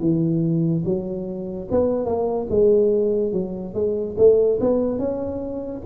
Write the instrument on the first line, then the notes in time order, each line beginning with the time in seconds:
tuba
0.00 E3
0.85 F#3
1.71 B3
2.05 A#3
2.50 G#3
3.32 F#3
3.74 G#3
4.17 A3
4.60 B3
4.99 C#4